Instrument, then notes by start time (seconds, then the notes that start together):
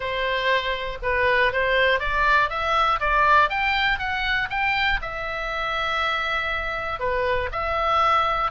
oboe
0.00 C5
1.02 B4
1.52 C5
1.99 D5
2.49 E5
3.00 D5
3.49 G5
3.99 F#5
4.50 G5
5.01 E5
6.99 B4
7.52 E5